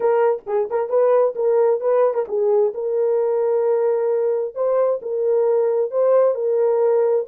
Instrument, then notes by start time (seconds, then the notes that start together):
horn
0.00 A#4
0.46 G#4
0.69 A#4
0.89 B4
1.35 A#4
1.80 B4
2.13 A#4
2.27 G#4
2.74 A#4
4.54 C5
5.01 A#4
5.90 C5
6.35 A#4